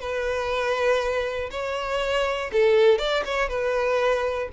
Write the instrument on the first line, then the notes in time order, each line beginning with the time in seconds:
violin
0.00 B4
1.51 C#5
2.52 A4
2.98 D5
3.25 C#5
3.49 B4